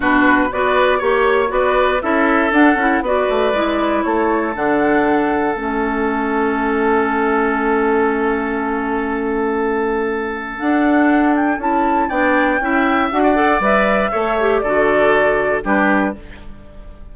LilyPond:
<<
  \new Staff \with { instrumentName = "flute" } { \time 4/4 \tempo 4 = 119 b'4 d''4 cis''4 d''4 | e''4 fis''4 d''2 | cis''4 fis''2 e''4~ | e''1~ |
e''1~ | e''4 fis''4. g''8 a''4 | g''2 fis''4 e''4~ | e''4 d''2 b'4 | }
  \new Staff \with { instrumentName = "oboe" } { \time 4/4 fis'4 b'4 cis''4 b'4 | a'2 b'2 | a'1~ | a'1~ |
a'1~ | a'1 | d''4 e''4~ e''16 d''4.~ d''16 | cis''4 a'2 g'4 | }
  \new Staff \with { instrumentName = "clarinet" } { \time 4/4 d'4 fis'4 g'4 fis'4 | e'4 d'8 e'8 fis'4 e'4~ | e'4 d'2 cis'4~ | cis'1~ |
cis'1~ | cis'4 d'2 e'4 | d'4 e'4 fis'8 a'8 b'4 | a'8 g'8 fis'2 d'4 | }
  \new Staff \with { instrumentName = "bassoon" } { \time 4/4 b,4 b4 ais4 b4 | cis'4 d'8 cis'8 b8 a8 gis4 | a4 d2 a4~ | a1~ |
a1~ | a4 d'2 cis'4 | b4 cis'4 d'4 g4 | a4 d2 g4 | }
>>